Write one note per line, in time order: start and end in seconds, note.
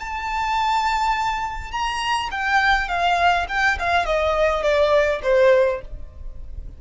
0.00 1.72 A5
1.72 2.30 A#5
2.31 2.89 G5
2.89 3.47 F5
3.49 3.78 G5
3.80 4.06 F5
4.06 4.63 D#5
4.63 5.21 D5
5.23 5.82 C5